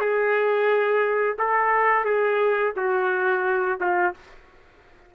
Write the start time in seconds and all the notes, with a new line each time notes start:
0.00 G#4
1.38 A4
2.04 G#4
2.76 F#4
3.80 F4